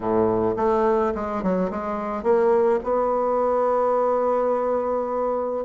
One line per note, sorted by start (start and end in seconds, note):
0.00 0.55 A2
0.56 1.13 A3
1.14 1.43 G#3
1.43 1.70 F#3
1.70 2.23 G#3
2.23 2.79 A#3
2.83 5.65 B3